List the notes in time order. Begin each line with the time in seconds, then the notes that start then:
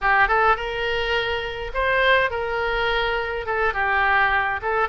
0.01 G4
0.28 A4
0.56 A#4
1.74 C5
2.30 A#4
3.45 A4
3.73 G4
4.62 A4